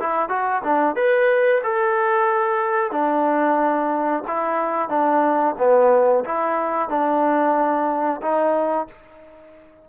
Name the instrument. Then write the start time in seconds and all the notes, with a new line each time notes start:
trombone
0.00 E4
0.29 F#4
0.63 D4
0.96 B4
1.64 A4
2.92 D4
4.27 E4
4.89 D4
5.58 B3
6.25 E4
6.89 D4
8.22 D#4